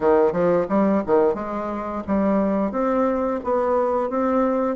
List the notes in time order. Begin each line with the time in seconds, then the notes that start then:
0.00 D#3
0.32 F3
0.68 G3
1.06 D#3
1.34 G#3
2.07 G3
2.71 C4
3.44 B3
4.09 C4